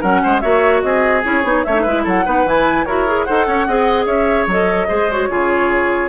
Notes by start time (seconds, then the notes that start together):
0.00 F#3 C#4 A#4 F#5
0.23 G#3 C5
0.40 A#3 F#4 C#5 E5
0.82 C4 G#4 D#5
1.23 C#4 E4 C#5
1.43 B3 D#4
1.64 A3 C#4 C#5 E5
1.75 D#4
1.82 G#3 E4 B4
2.04 F#3 A4 F#5
2.25 B3 D#4 B4
2.45 E3 E4 G#5
2.85 E4 F#4 A#4 C#5
3.07 G#4
3.24 D#4 A4 C5 F#5
3.47 C#4 C#5
3.67 C4 G#4 D#5
4.05 C#4 C#5 E5
4.46 F#3 A4 D#5
4.88 G#3 G#4 C5
5.11 F#4 C#5
5.29 C#3 F4 G#4